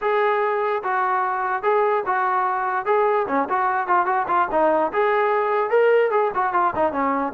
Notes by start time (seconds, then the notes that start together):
0.01 G#4
0.83 F#4
1.62 G#4
2.06 F#4
2.85 G#4
3.27 C#4
3.49 F#4
3.87 F4
4.06 F#4
4.27 F4
4.51 D#4
4.92 G#4
5.70 A#4
6.10 G#4
6.34 F#4
6.53 F4
6.75 D#4
6.92 C#4